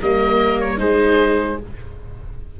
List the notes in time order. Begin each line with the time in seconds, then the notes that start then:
0.00 G3 A#3 A#4 D#5
0.60 C#5
0.77 G#3 D#4 G#4 C5